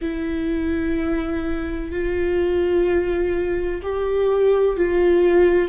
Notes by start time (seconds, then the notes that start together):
0.01 E4
1.90 F4
3.82 G4
4.76 F4